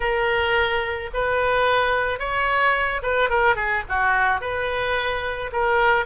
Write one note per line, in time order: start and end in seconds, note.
0.00 1.10 A#4
1.13 2.19 B4
2.19 3.01 C#5
3.02 3.29 B4
3.29 3.55 A#4
3.55 3.83 G#4
3.89 4.40 F#4
4.40 5.50 B4
5.52 6.05 A#4